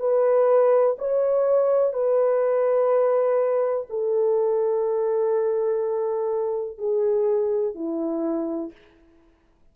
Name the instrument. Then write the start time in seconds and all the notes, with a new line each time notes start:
horn
0.00 B4
0.99 C#5
1.94 B4
3.90 A4
6.78 G#4
7.76 E4